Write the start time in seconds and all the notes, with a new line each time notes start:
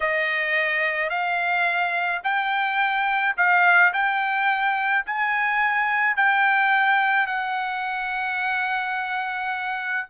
0.00 D#5
1.09 F5
2.23 G5
3.36 F5
3.93 G5
5.05 G#5
6.16 G5
7.26 F#5